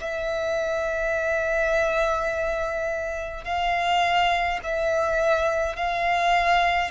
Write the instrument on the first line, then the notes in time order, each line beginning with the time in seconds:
violin
0.00 E5
3.45 F5
4.64 E5
5.76 F5